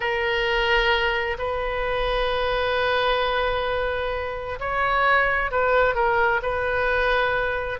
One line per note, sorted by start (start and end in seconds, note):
0.00 1.37 A#4
1.38 4.59 B4
4.59 5.51 C#5
5.51 5.94 B4
5.94 6.40 A#4
6.42 7.79 B4